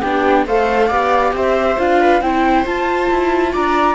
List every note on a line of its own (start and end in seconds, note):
0.00 0.46 B3
0.00 0.48 D4
0.00 0.44 G4
0.00 0.45 G5
0.46 0.90 A3
0.46 0.90 A4
0.46 0.88 C5
0.46 1.34 F5
0.88 1.33 B3
0.88 1.78 G4
0.88 1.32 D5
1.33 1.76 C4
1.33 2.01 C5
1.33 1.78 E5
1.78 2.21 D4
1.78 2.22 F4
1.78 2.21 F5
2.01 2.22 B4
2.21 2.65 C4
2.21 2.66 E4
2.21 3.52 C5
2.21 2.65 G5
2.66 3.09 F4
2.66 3.95 F4
2.66 3.54 A5
3.10 3.54 E4
3.52 3.95 D4
3.52 3.95 D5
3.52 3.95 A#5